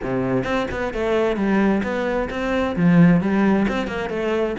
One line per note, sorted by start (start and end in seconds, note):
0.03 0.44 C3
0.44 0.66 C4
0.71 0.93 B3
0.93 1.36 A3
1.36 1.82 G3
1.83 2.29 B3
2.29 2.75 C4
2.76 3.20 F3
3.20 3.66 G3
3.68 3.87 C4
3.87 4.09 A#3
4.09 4.55 A3